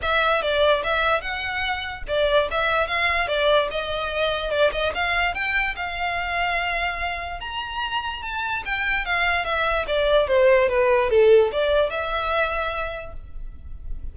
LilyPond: \new Staff \with { instrumentName = "violin" } { \time 4/4 \tempo 4 = 146 e''4 d''4 e''4 fis''4~ | fis''4 d''4 e''4 f''4 | d''4 dis''2 d''8 dis''8 | f''4 g''4 f''2~ |
f''2 ais''2 | a''4 g''4 f''4 e''4 | d''4 c''4 b'4 a'4 | d''4 e''2. | }